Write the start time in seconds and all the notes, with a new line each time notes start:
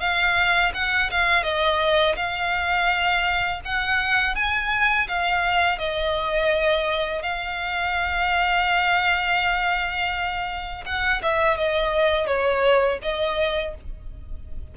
0.00 F5
0.74 F#5
1.11 F5
1.44 D#5
2.16 F5
3.65 F#5
4.35 G#5
5.08 F5
5.79 D#5
7.23 F5
10.86 F#5
11.22 E5
11.57 D#5
12.27 C#5
13.02 D#5